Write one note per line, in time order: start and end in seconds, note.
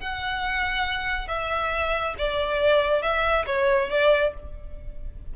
0.00 1.28 F#5
1.28 2.15 E5
2.18 3.02 D5
3.02 3.46 E5
3.47 3.90 C#5
3.90 4.34 D5